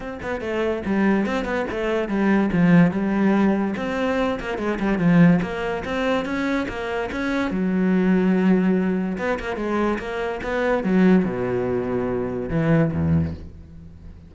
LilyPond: \new Staff \with { instrumentName = "cello" } { \time 4/4 \tempo 4 = 144 c'8 b8 a4 g4 c'8 b8 | a4 g4 f4 g4~ | g4 c'4. ais8 gis8 g8 | f4 ais4 c'4 cis'4 |
ais4 cis'4 fis2~ | fis2 b8 ais8 gis4 | ais4 b4 fis4 b,4~ | b,2 e4 e,4 | }